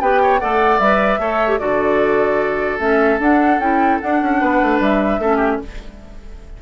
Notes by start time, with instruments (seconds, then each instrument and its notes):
0.00 bassoon B3, clarinet G4, oboe B4, flute G5
0.22 oboe C#5
0.39 bassoon A3, clarinet A4, oboe D5, flute F#5
0.79 bassoon G3, clarinet B4, flute E5
1.18 bassoon A3, clarinet A4, oboe C#5
1.48 clarinet G4
1.58 bassoon D3, clarinet F#4, oboe A4, flute D5
2.79 bassoon A3, clarinet C#4, flute E5
3.19 bassoon D4, clarinet D4, flute F#5
3.58 bassoon C#4, clarinet E4, flute G5
4.00 clarinet D4, bassoon D4, flute F#5
4.21 bassoon C#4
4.40 bassoon B3, oboe B4
4.62 bassoon A3
4.79 bassoon G3, flute E5
5.18 bassoon A3, clarinet C#4, oboe A4
5.36 oboe G4